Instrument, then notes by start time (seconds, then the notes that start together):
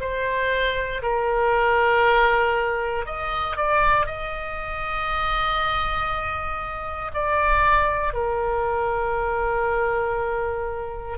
oboe
0.00 C5
1.02 A#4
3.06 D#5
3.56 D5
4.06 D#5
7.14 D5
8.13 A#4